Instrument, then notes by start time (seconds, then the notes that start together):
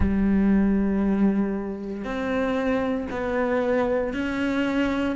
cello
0.00 G3
2.04 C4
3.10 B3
4.13 C#4